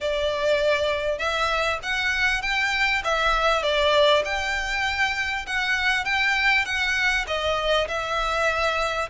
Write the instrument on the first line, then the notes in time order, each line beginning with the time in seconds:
violin
0.01 D5
1.18 E5
1.83 F#5
2.42 G5
3.04 E5
3.62 D5
4.25 G5
5.46 F#5
6.04 G5
6.65 F#5
7.27 D#5
7.88 E5